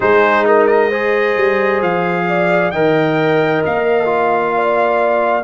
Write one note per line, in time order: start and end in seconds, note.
0.00 1.36 G#3
0.00 0.91 D#4
0.00 0.46 G#4
0.00 0.45 C5
0.45 0.67 D#4
0.45 0.89 A#4
0.67 1.80 D#5
0.89 2.73 G#4
0.89 2.26 C5
1.36 1.81 G3
1.81 2.72 F3
1.81 2.71 F5
2.28 2.72 D5
2.71 3.63 D#3
2.71 4.05 A#4
2.71 4.54 D#5
2.71 3.62 G5
3.65 5.43 A#3
3.65 5.43 F5
4.05 5.41 F4
4.55 5.43 D5